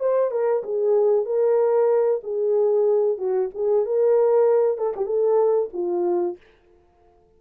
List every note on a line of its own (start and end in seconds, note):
0.00 0.31 C5
0.31 0.63 A#4
0.63 1.26 G#4
1.26 2.21 A#4
2.24 3.18 G#4
3.18 3.50 F#4
3.54 3.86 G#4
3.86 4.78 A#4
4.78 4.94 A4
4.96 5.06 G4
5.06 5.70 A4
5.73 6.37 F4